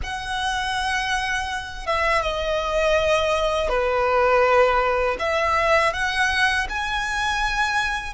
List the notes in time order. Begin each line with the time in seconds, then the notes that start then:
0.03 F#5
1.86 E5
2.22 D#5
3.68 B4
5.19 E5
5.93 F#5
6.69 G#5